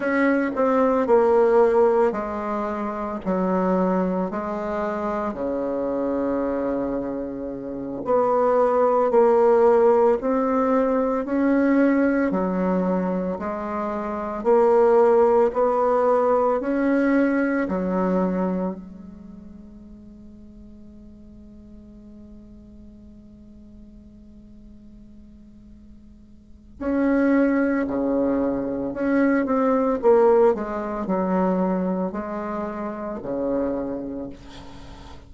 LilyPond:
\new Staff \with { instrumentName = "bassoon" } { \time 4/4 \tempo 4 = 56 cis'8 c'8 ais4 gis4 fis4 | gis4 cis2~ cis8 b8~ | b8 ais4 c'4 cis'4 fis8~ | fis8 gis4 ais4 b4 cis'8~ |
cis'8 fis4 gis2~ gis8~ | gis1~ | gis4 cis'4 cis4 cis'8 c'8 | ais8 gis8 fis4 gis4 cis4 | }